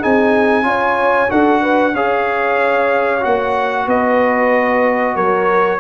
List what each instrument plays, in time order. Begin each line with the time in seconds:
0.00 tuba C4, trombone D#4, horn G#4, trumpet G#5
0.63 tuba C#4, trombone F4, horn C#5
1.29 tuba D4, trombone F#4, horn A4, trumpet F#5
1.62 horn B4
1.94 tuba C#4, trombone G#4, horn C#5, trumpet F5
3.21 tuba A#3, trombone F#4, trumpet F#5
3.87 tuba B3, horn B4, trumpet D#5
5.16 tuba F#3, horn A#4, trumpet C#5